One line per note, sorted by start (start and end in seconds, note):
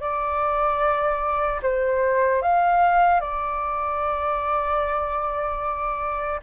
0.00 1.60 D5
1.62 2.42 C5
2.42 3.20 F5
3.20 6.40 D5